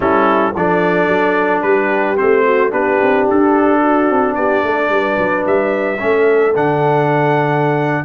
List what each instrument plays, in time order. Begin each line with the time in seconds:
0.00 tuba G3, trombone C#4, horn E4, trumpet A4
0.55 tuba F3, trombone D4, horn A4, trumpet D5
1.07 tuba F#3
1.62 tuba G3, horn G4, trumpet B4
2.17 tuba A3, trombone C4, trumpet C5
2.45 horn F#4
2.70 tuba B3, trombone D4, horn G4, trumpet B4
3.01 tuba C4
3.30 tuba D4, trumpet A4
3.80 horn F#4
4.09 tuba C4
4.34 tuba B3, horn G4, trumpet D5
4.62 tuba A3, horn A4
4.89 tuba G3, horn B4
5.18 tuba F#3
5.45 tuba G3, trumpet E5
5.99 tuba A3, trombone C#4, horn A4
6.54 tuba D3, trombone D4, trumpet F#5